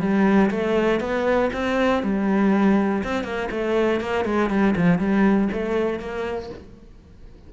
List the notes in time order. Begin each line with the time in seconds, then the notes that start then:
0.00 G3
0.50 A3
1.00 B3
1.53 C4
2.03 G3
3.04 C4
3.24 A#3
3.51 A3
4.00 A#3
4.25 G#3
4.50 G3
4.76 F3
4.98 G3
5.52 A3
5.99 A#3